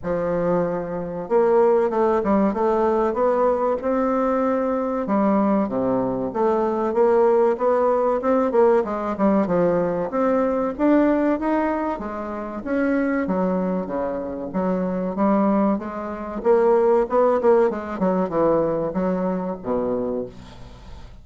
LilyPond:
\new Staff \with { instrumentName = "bassoon" } { \time 4/4 \tempo 4 = 95 f2 ais4 a8 g8 | a4 b4 c'2 | g4 c4 a4 ais4 | b4 c'8 ais8 gis8 g8 f4 |
c'4 d'4 dis'4 gis4 | cis'4 fis4 cis4 fis4 | g4 gis4 ais4 b8 ais8 | gis8 fis8 e4 fis4 b,4 | }